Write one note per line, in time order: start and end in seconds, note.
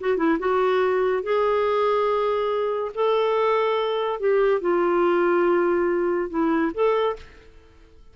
0.00 0.17 F#4
0.17 0.38 E4
0.39 1.23 F#4
1.23 2.92 G#4
2.94 4.20 A4
4.20 4.61 G4
4.61 6.30 F4
6.30 6.72 E4
6.74 7.16 A4